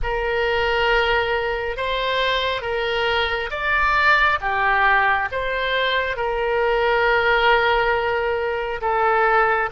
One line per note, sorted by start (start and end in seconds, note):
0.02 1.76 A#4
1.76 2.61 C5
2.61 3.50 A#4
3.50 4.38 D5
4.40 5.29 G4
5.31 6.16 C5
6.16 8.80 A#4
8.81 9.69 A4